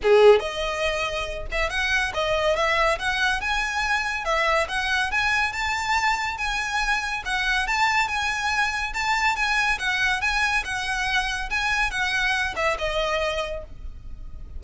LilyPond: \new Staff \with { instrumentName = "violin" } { \time 4/4 \tempo 4 = 141 gis'4 dis''2~ dis''8 e''8 | fis''4 dis''4 e''4 fis''4 | gis''2 e''4 fis''4 | gis''4 a''2 gis''4~ |
gis''4 fis''4 a''4 gis''4~ | gis''4 a''4 gis''4 fis''4 | gis''4 fis''2 gis''4 | fis''4. e''8 dis''2 | }